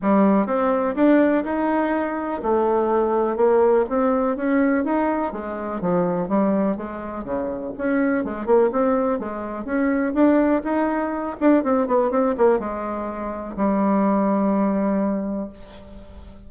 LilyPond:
\new Staff \with { instrumentName = "bassoon" } { \time 4/4 \tempo 4 = 124 g4 c'4 d'4 dis'4~ | dis'4 a2 ais4 | c'4 cis'4 dis'4 gis4 | f4 g4 gis4 cis4 |
cis'4 gis8 ais8 c'4 gis4 | cis'4 d'4 dis'4. d'8 | c'8 b8 c'8 ais8 gis2 | g1 | }